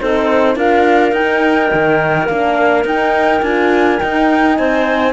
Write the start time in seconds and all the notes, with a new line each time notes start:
0.00 C4 D#4 A4 C5
0.55 D4 F4 A#4 F5
1.12 D#4 G5
1.74 D#3
2.27 A#3 D4 F5
2.84 D#4 G5
3.42 D4 F4 G#5
3.99 D#4 G5
4.56 C4 C5 G#5